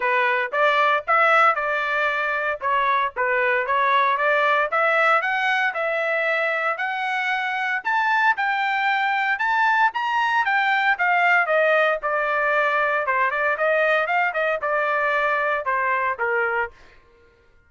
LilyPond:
\new Staff \with { instrumentName = "trumpet" } { \time 4/4 \tempo 4 = 115 b'4 d''4 e''4 d''4~ | d''4 cis''4 b'4 cis''4 | d''4 e''4 fis''4 e''4~ | e''4 fis''2 a''4 |
g''2 a''4 ais''4 | g''4 f''4 dis''4 d''4~ | d''4 c''8 d''8 dis''4 f''8 dis''8 | d''2 c''4 ais'4 | }